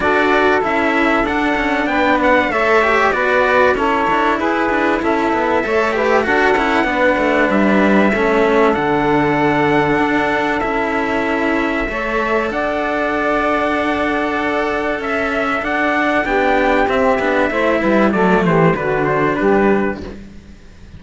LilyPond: <<
  \new Staff \with { instrumentName = "trumpet" } { \time 4/4 \tempo 4 = 96 d''4 e''4 fis''4 g''8 fis''8 | e''4 d''4 cis''4 b'4 | e''2 fis''2 | e''2 fis''2~ |
fis''4 e''2. | fis''1 | e''4 fis''4 g''4 e''4~ | e''4 d''8 c''8 b'8 c''8 b'4 | }
  \new Staff \with { instrumentName = "saxophone" } { \time 4/4 a'2. b'4 | cis''4 b'4 a'4 gis'4 | a'4 cis''8 b'8 a'4 b'4~ | b'4 a'2.~ |
a'2. cis''4 | d''1 | e''4 d''4 g'2 | c''8 b'8 a'8 g'8 fis'4 g'4 | }
  \new Staff \with { instrumentName = "cello" } { \time 4/4 fis'4 e'4 d'2 | a'8 g'8 fis'4 e'2~ | e'4 a'8 g'8 fis'8 e'8 d'4~ | d'4 cis'4 d'2~ |
d'4 e'2 a'4~ | a'1~ | a'2 d'4 c'8 d'8 | e'4 a4 d'2 | }
  \new Staff \with { instrumentName = "cello" } { \time 4/4 d'4 cis'4 d'8 cis'8 b4 | a4 b4 cis'8 d'8 e'8 d'8 | cis'8 b8 a4 d'8 cis'8 b8 a8 | g4 a4 d2 |
d'4 cis'2 a4 | d'1 | cis'4 d'4 b4 c'8 b8 | a8 g8 fis8 e8 d4 g4 | }
>>